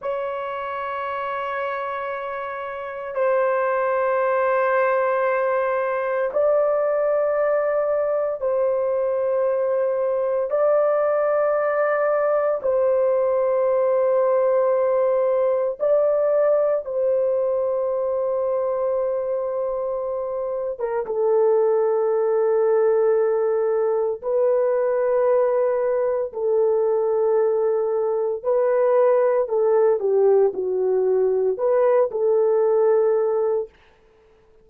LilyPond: \new Staff \with { instrumentName = "horn" } { \time 4/4 \tempo 4 = 57 cis''2. c''4~ | c''2 d''2 | c''2 d''2 | c''2. d''4 |
c''2.~ c''8. ais'16 | a'2. b'4~ | b'4 a'2 b'4 | a'8 g'8 fis'4 b'8 a'4. | }